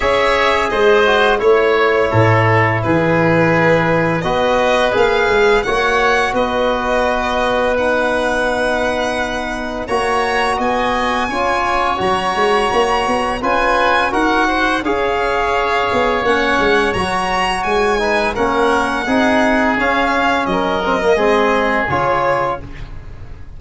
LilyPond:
<<
  \new Staff \with { instrumentName = "violin" } { \time 4/4 \tempo 4 = 85 e''4 dis''4 cis''2 | b'2 dis''4 f''4 | fis''4 dis''2 fis''4~ | fis''2 ais''4 gis''4~ |
gis''4 ais''2 gis''4 | fis''4 f''2 fis''4 | ais''4 gis''4 fis''2 | f''4 dis''2 cis''4 | }
  \new Staff \with { instrumentName = "oboe" } { \time 4/4 cis''4 c''4 cis''4 a'4 | gis'2 b'2 | cis''4 b'2.~ | b'2 cis''4 dis''4 |
cis''2. b'4 | ais'8 c''8 cis''2.~ | cis''4. b'8 ais'4 gis'4~ | gis'4 ais'4 gis'2 | }
  \new Staff \with { instrumentName = "trombone" } { \time 4/4 gis'4. fis'8 e'2~ | e'2 fis'4 gis'4 | fis'2. dis'4~ | dis'2 fis'2 |
f'4 fis'2 f'4 | fis'4 gis'2 cis'4 | fis'4. dis'8 cis'4 dis'4 | cis'4. c'16 ais16 c'4 f'4 | }
  \new Staff \with { instrumentName = "tuba" } { \time 4/4 cis'4 gis4 a4 a,4 | e2 b4 ais8 gis8 | ais4 b2.~ | b2 ais4 b4 |
cis'4 fis8 gis8 ais8 b8 cis'4 | dis'4 cis'4. b8 ais8 gis8 | fis4 gis4 ais4 c'4 | cis'4 fis4 gis4 cis4 | }
>>